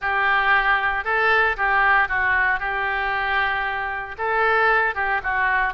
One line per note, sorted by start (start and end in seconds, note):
0.01 1.04 G4
1.04 1.56 A4
1.56 2.08 G4
2.08 2.59 F#4
2.59 4.16 G4
4.17 4.94 A4
4.94 5.21 G4
5.23 5.73 F#4